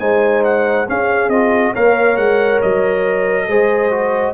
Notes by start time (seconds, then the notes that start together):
0.00 G#3 D#4 C5 G#5
0.44 F#5
0.89 C#4 G#4 F5
1.29 C4 F4 D#5
1.73 A#3 A#4 C#5 F5
2.17 G#3 F#5
2.62 F#3 D#5
3.49 G#3 G#4 C5
3.91 F#4